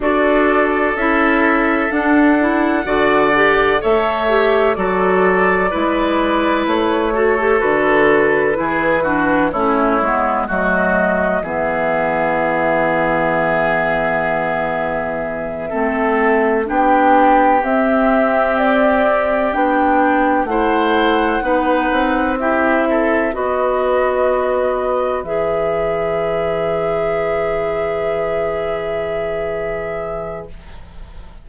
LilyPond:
<<
  \new Staff \with { instrumentName = "flute" } { \time 4/4 \tempo 4 = 63 d''4 e''4 fis''2 | e''4 d''2 cis''4 | b'2 cis''4 dis''4 | e''1~ |
e''4. g''4 e''4 d''8~ | d''8 g''4 fis''2 e''8~ | e''8 dis''2 e''4.~ | e''1 | }
  \new Staff \with { instrumentName = "oboe" } { \time 4/4 a'2. d''4 | cis''4 a'4 b'4. a'8~ | a'4 gis'8 fis'8 e'4 fis'4 | gis'1~ |
gis'8 a'4 g'2~ g'8~ | g'4. c''4 b'4 g'8 | a'8 b'2.~ b'8~ | b'1 | }
  \new Staff \with { instrumentName = "clarinet" } { \time 4/4 fis'4 e'4 d'8 e'8 fis'8 g'8 | a'8 g'8 fis'4 e'4. fis'16 g'16 | fis'4 e'8 d'8 cis'8 b8 a4 | b1~ |
b8 c'4 d'4 c'4.~ | c'8 d'4 e'4 dis'4 e'8~ | e'8 fis'2 gis'4.~ | gis'1 | }
  \new Staff \with { instrumentName = "bassoon" } { \time 4/4 d'4 cis'4 d'4 d4 | a4 fis4 gis4 a4 | d4 e4 a8 gis8 fis4 | e1~ |
e8 a4 b4 c'4.~ | c'8 b4 a4 b8 c'4~ | c'8 b2 e4.~ | e1 | }
>>